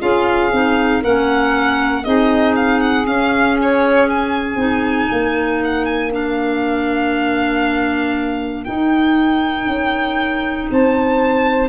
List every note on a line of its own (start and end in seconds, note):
0.00 0.52 C#4
0.00 0.51 F4
0.00 1.01 G#4
0.00 1.03 F5
0.52 1.03 C4
0.52 1.04 D#4
1.01 2.06 A#3
1.01 2.05 C#4
1.01 2.03 A#4
1.01 2.04 F#5
2.04 3.07 C4
2.04 3.06 D#4
2.04 5.08 G#4
2.04 2.55 D#5
2.56 2.81 F5
2.81 3.06 F#5
3.06 4.58 C#4
3.06 4.56 C#4
3.06 3.58 F5
3.62 4.10 C#5
4.10 5.62 G#5
4.56 5.07 C4
4.56 6.11 D#4
5.08 8.67 A#3
5.08 10.68 A#4
5.65 5.86 F#5
5.86 6.11 G#5
6.11 8.65 D4
6.11 8.64 F5
8.64 11.69 D#4
8.64 9.67 D#4
8.64 10.68 G5
9.67 10.68 C#4
10.71 11.69 C4
10.71 11.69 C5
10.71 11.69 A5